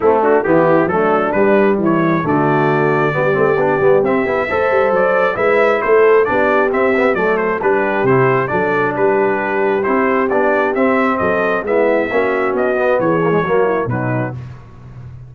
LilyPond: <<
  \new Staff \with { instrumentName = "trumpet" } { \time 4/4 \tempo 4 = 134 e'8 fis'8 g'4 a'4 b'4 | cis''4 d''2.~ | d''4 e''2 d''4 | e''4 c''4 d''4 e''4 |
d''8 c''8 b'4 c''4 d''4 | b'2 c''4 d''4 | e''4 dis''4 e''2 | dis''4 cis''2 b'4 | }
  \new Staff \with { instrumentName = "horn" } { \time 4/4 c'8 d'8 e'4 d'2 | e'4 fis'2 g'4~ | g'2 c''2 | b'4 a'4 g'2 |
a'4 g'2 a'4 | g'1~ | g'4 a'4 e'4 fis'4~ | fis'4 gis'4 fis'8 e'8 dis'4 | }
  \new Staff \with { instrumentName = "trombone" } { \time 4/4 a4 b4 a4 g4~ | g4 a2 b8 c'8 | d'8 b8 c'8 e'8 a'2 | e'2 d'4 c'8 b8 |
a4 d'4 e'4 d'4~ | d'2 e'4 d'4 | c'2 b4 cis'4~ | cis'8 b4 ais16 gis16 ais4 fis4 | }
  \new Staff \with { instrumentName = "tuba" } { \time 4/4 a4 e4 fis4 g4 | e4 d2 g8 a8 | b8 g8 c'8 b8 a8 g8 fis4 | gis4 a4 b4 c'4 |
fis4 g4 c4 fis4 | g2 c'4 b4 | c'4 fis4 gis4 ais4 | b4 e4 fis4 b,4 | }
>>